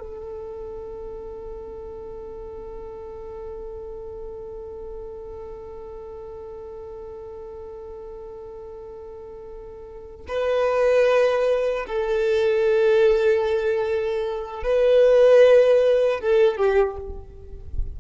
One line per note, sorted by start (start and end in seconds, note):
0.00 10.26 A4
10.28 11.86 B4
11.87 14.63 A4
14.63 16.21 B4
16.21 16.57 A4
16.57 16.97 G4